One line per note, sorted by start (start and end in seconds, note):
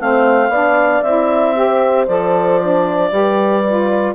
0.00 0.49 A3
0.00 0.52 C4
0.00 0.51 C5
0.00 1.02 F5
0.49 1.01 B3
0.49 1.04 D4
0.49 1.55 D5
1.02 2.07 C4
1.02 1.55 E4
1.02 2.06 E5
1.55 2.07 G4
1.55 3.13 C5
2.07 3.11 F3
2.07 2.61 A4
2.07 4.14 D5
2.62 3.11 D4
3.11 4.15 G3
3.11 3.63 G4
3.11 4.15 B4
3.68 4.15 F4